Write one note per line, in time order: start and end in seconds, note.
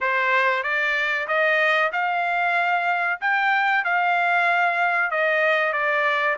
0.01 0.63 C5
0.63 1.27 D5
1.27 1.91 D#5
1.92 3.20 F5
3.20 3.84 G5
3.84 5.10 F5
5.10 5.72 D#5
5.72 6.36 D5